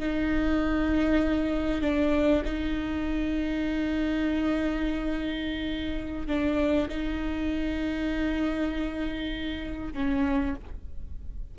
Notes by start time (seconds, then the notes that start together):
0.00 D#4
1.82 D4
2.45 D#4
6.28 D4
6.90 D#4
9.94 C#4